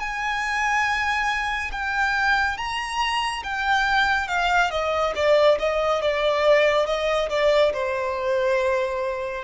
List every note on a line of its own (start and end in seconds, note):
0.00 1.71 G#5
1.72 2.58 G5
2.58 3.44 A#5
3.44 4.28 G5
4.28 4.71 F5
4.71 5.14 D#5
5.16 5.59 D5
5.59 6.02 D#5
6.02 6.86 D5
6.86 7.29 D#5
7.30 7.73 D5
7.73 9.44 C5